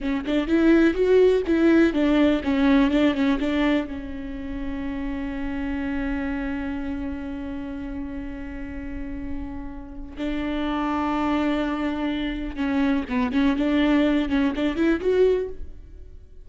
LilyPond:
\new Staff \with { instrumentName = "viola" } { \time 4/4 \tempo 4 = 124 cis'8 d'8 e'4 fis'4 e'4 | d'4 cis'4 d'8 cis'8 d'4 | cis'1~ | cis'1~ |
cis'1~ | cis'4 d'2.~ | d'2 cis'4 b8 cis'8 | d'4. cis'8 d'8 e'8 fis'4 | }